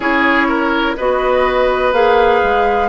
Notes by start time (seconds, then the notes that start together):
0.00 C#4 E4 G#4 C#5
0.48 A#4
0.96 B3 F#4 B4 D#5
1.93 A#3 G#4 F5
2.43 G#3